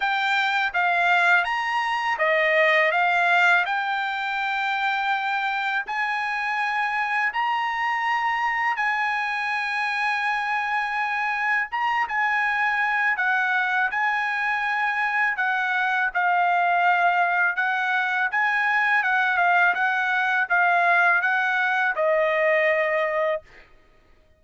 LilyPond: \new Staff \with { instrumentName = "trumpet" } { \time 4/4 \tempo 4 = 82 g''4 f''4 ais''4 dis''4 | f''4 g''2. | gis''2 ais''2 | gis''1 |
ais''8 gis''4. fis''4 gis''4~ | gis''4 fis''4 f''2 | fis''4 gis''4 fis''8 f''8 fis''4 | f''4 fis''4 dis''2 | }